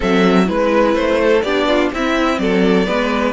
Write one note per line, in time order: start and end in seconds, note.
0.00 0.49 F#3
0.00 0.45 C4
0.00 0.45 A4
0.00 0.48 E5
0.45 0.95 G#3
0.45 1.41 E4
0.45 0.95 B4
0.45 1.21 B4
0.95 1.43 A3
0.95 1.41 C5
1.21 1.44 A4
1.41 1.91 B3
1.41 1.93 D4
1.41 1.68 G4
1.41 1.89 D5
1.68 1.92 F4
1.91 2.38 C4
1.91 2.86 C4
1.91 2.41 E4
1.91 2.39 E5
2.38 2.86 F#3
2.38 2.87 A4
2.38 3.33 D5
2.86 3.33 G#3
2.86 3.33 B3
2.86 3.33 B4